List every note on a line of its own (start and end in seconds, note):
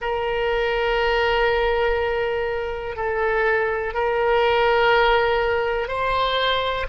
0.00 2.96 A#4
2.96 3.93 A4
3.93 5.87 A#4
5.87 6.86 C5